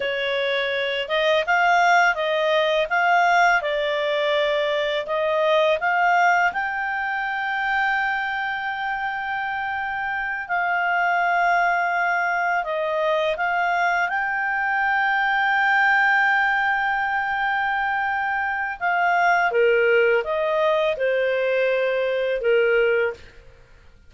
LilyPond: \new Staff \with { instrumentName = "clarinet" } { \time 4/4 \tempo 4 = 83 cis''4. dis''8 f''4 dis''4 | f''4 d''2 dis''4 | f''4 g''2.~ | g''2~ g''8 f''4.~ |
f''4. dis''4 f''4 g''8~ | g''1~ | g''2 f''4 ais'4 | dis''4 c''2 ais'4 | }